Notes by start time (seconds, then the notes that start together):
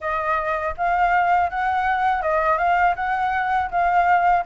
0.00 D#5
0.77 F5
1.49 F#5
2.22 D#5
2.57 F5
2.95 F#5
3.70 F5